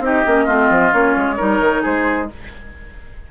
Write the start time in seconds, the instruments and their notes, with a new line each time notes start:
0.00 bassoon C4, clarinet D#4, oboe G4, flute D#5
0.26 bassoon A#3, clarinet C#4
0.45 bassoon A3, clarinet C4, oboe F4
0.70 bassoon F3
0.92 bassoon A#3, clarinet C#4, flute C#5
1.17 bassoon G#3
1.37 bassoon G3, clarinet D#4, oboe A#4
1.60 bassoon D#3
1.82 bassoon G#3, oboe G#4, flute C5